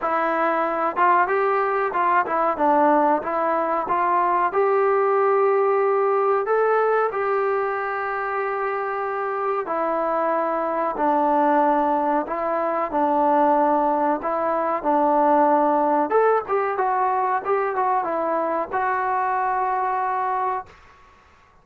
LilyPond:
\new Staff \with { instrumentName = "trombone" } { \time 4/4 \tempo 4 = 93 e'4. f'8 g'4 f'8 e'8 | d'4 e'4 f'4 g'4~ | g'2 a'4 g'4~ | g'2. e'4~ |
e'4 d'2 e'4 | d'2 e'4 d'4~ | d'4 a'8 g'8 fis'4 g'8 fis'8 | e'4 fis'2. | }